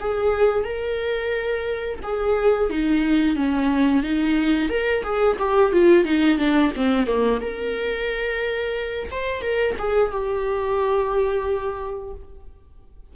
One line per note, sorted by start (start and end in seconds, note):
0.00 0.64 G#4
0.64 1.99 A#4
2.03 2.70 G#4
2.70 3.36 D#4
3.36 4.03 C#4
4.03 4.69 D#4
4.69 5.03 A#4
5.03 5.37 G#4
5.39 5.72 G4
5.72 6.05 F4
6.05 6.38 D#4
6.38 6.72 D4
6.76 7.07 C4
7.07 7.40 A#3
7.41 9.09 A#4
9.11 9.42 C5
9.42 9.75 A#4
9.78 10.11 G#4
10.11 12.13 G4